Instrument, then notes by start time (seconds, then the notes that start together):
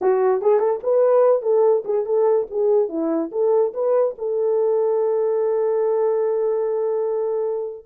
horn
0.01 F#4
0.41 G#4
0.59 A4
0.83 B4
1.42 A4
1.85 G#4
2.05 A4
2.50 G#4
2.89 E4
3.31 A4
3.73 B4
4.18 A4